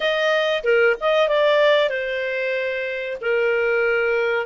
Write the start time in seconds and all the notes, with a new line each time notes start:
0.00 D#5
0.63 A#4
1.00 D#5
1.28 D5
1.89 C5
3.21 A#4